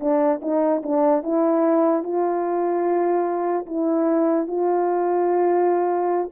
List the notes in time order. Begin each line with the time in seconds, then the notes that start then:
0.00 D4
0.42 D#4
0.83 D4
1.23 E4
2.03 F4
3.66 E4
4.47 F4